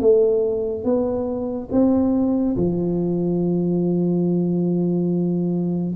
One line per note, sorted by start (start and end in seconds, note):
0.00 0.84 A3
0.84 1.69 B3
1.71 2.56 C4
2.57 5.95 F3